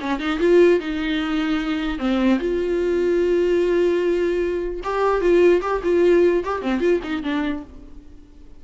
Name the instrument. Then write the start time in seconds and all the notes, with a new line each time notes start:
viola
0.00 C#4
0.19 D#4
0.39 F4
0.79 D#4
1.98 C4
2.39 F4
4.83 G4
5.21 F4
5.61 G4
5.83 F4
6.44 G4
6.61 C4
6.80 F4
7.03 D#4
7.23 D4